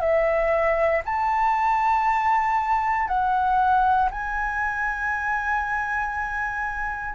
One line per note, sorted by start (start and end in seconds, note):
0.00 1.02 E5
1.05 3.07 A5
3.07 4.09 F#5
4.11 7.15 G#5